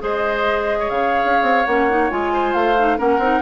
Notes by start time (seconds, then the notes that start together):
0.00 G#3 G#4 C5 D#5
0.79 C#5
0.90 C#3 F5
1.25 C#4
1.42 C4
1.66 A#3 C#4 F#5
1.90 D#4
2.10 G#3 F4 G#5
2.33 C5
2.54 A3 F5
2.78 D#4
2.98 A#3 C#4 A#4 F#5
3.18 C4 D#4